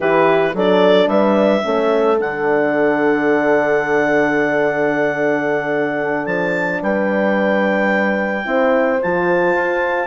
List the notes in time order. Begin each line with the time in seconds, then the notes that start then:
0.00 E3 E4 G4 B4
0.54 F#3 D4 A4 D5
1.06 G3 B4 E5
1.62 A3 C#4 A4
2.18 D3 D4 F#5
6.26 F3 A5
6.81 G3 B4 G5
8.44 C4 E4 C5
9.01 F3 F4 A5
9.54 F4